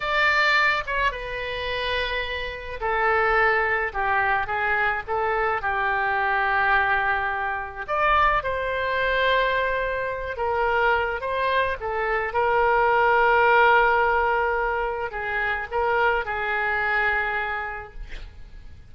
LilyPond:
\new Staff \with { instrumentName = "oboe" } { \time 4/4 \tempo 4 = 107 d''4. cis''8 b'2~ | b'4 a'2 g'4 | gis'4 a'4 g'2~ | g'2 d''4 c''4~ |
c''2~ c''8 ais'4. | c''4 a'4 ais'2~ | ais'2. gis'4 | ais'4 gis'2. | }